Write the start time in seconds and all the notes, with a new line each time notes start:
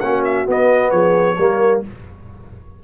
0.00 A#3 C#4 F#4 F#5
0.24 E5
0.46 B3 D#5
0.91 F3 G#4 C#5
1.37 G3 A#3 A#4